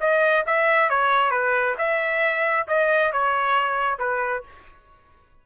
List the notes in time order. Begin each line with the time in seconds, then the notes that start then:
0.00 D#5
0.46 E5
0.89 C#5
1.31 B4
1.78 E5
2.67 D#5
3.12 C#5
3.99 B4